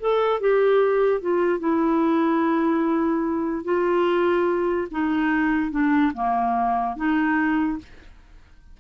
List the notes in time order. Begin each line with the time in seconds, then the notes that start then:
0.00 A4
0.40 G4
1.21 F4
1.60 E4
3.65 F4
4.91 D#4
5.71 D4
6.14 A#3
6.96 D#4